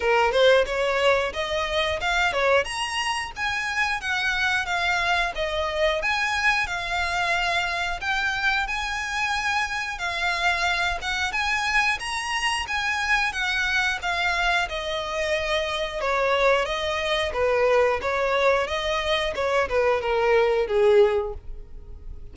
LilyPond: \new Staff \with { instrumentName = "violin" } { \time 4/4 \tempo 4 = 90 ais'8 c''8 cis''4 dis''4 f''8 cis''8 | ais''4 gis''4 fis''4 f''4 | dis''4 gis''4 f''2 | g''4 gis''2 f''4~ |
f''8 fis''8 gis''4 ais''4 gis''4 | fis''4 f''4 dis''2 | cis''4 dis''4 b'4 cis''4 | dis''4 cis''8 b'8 ais'4 gis'4 | }